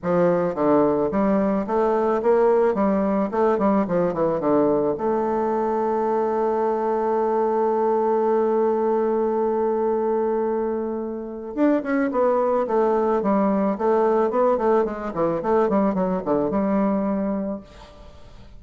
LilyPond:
\new Staff \with { instrumentName = "bassoon" } { \time 4/4 \tempo 4 = 109 f4 d4 g4 a4 | ais4 g4 a8 g8 f8 e8 | d4 a2.~ | a1~ |
a1~ | a4 d'8 cis'8 b4 a4 | g4 a4 b8 a8 gis8 e8 | a8 g8 fis8 d8 g2 | }